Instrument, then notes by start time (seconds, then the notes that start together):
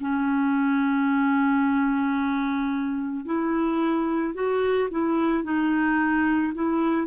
clarinet
0.00 C#4
3.25 E4
4.34 F#4
4.90 E4
5.43 D#4
6.54 E4